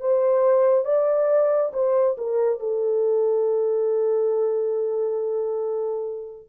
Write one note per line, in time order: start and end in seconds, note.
0.00 0.85 C5
0.85 1.72 D5
1.73 2.17 C5
2.18 2.60 A#4
2.60 6.49 A4